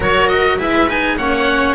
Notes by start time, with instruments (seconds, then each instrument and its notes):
0.00 double bass F#3, cello F#4, viola A#4, oboe C#5
0.28 oboe D#5
0.58 double bass G#3, cello E4, viola B4, oboe E5
0.88 cello D#4, oboe G#5
1.17 double bass A#3, cello C#4, viola C#5, oboe F#5